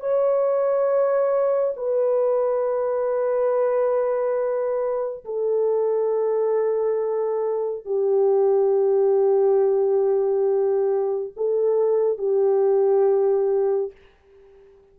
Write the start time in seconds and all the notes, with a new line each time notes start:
0.00 C#5
1.76 B4
5.25 A4
7.85 G4
11.36 A4
12.18 G4